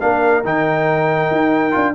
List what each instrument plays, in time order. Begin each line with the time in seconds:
0.00 tuba A#3, trombone D4, horn A#4, trumpet F5
0.44 tuba D#3, trombone D#4, trumpet G5
1.31 tuba D#4
1.71 tuba D4, trombone F4